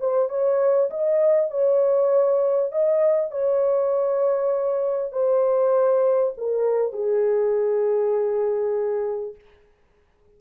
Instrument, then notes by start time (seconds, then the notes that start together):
horn
0.00 C5
0.29 C#5
0.91 D#5
1.51 C#5
2.72 D#5
3.31 C#5
5.12 C5
6.38 A#4
6.93 G#4